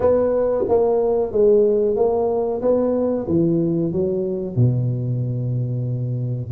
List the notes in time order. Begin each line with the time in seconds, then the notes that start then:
0.00 B3
0.68 A#3
1.32 G#3
1.96 A#3
2.61 B3
3.27 E3
3.92 F#3
4.55 B2